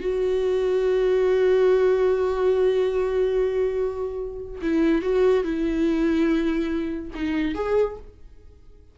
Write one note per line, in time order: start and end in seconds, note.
0.00 4.62 F#4
4.62 5.02 E4
5.02 5.44 F#4
5.44 7.12 E4
7.15 7.55 D#4
7.55 7.97 G#4